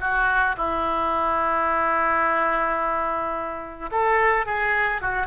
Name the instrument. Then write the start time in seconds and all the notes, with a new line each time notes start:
oboe
0.00 F#4
0.57 E4
3.91 A4
4.46 G#4
5.01 F#4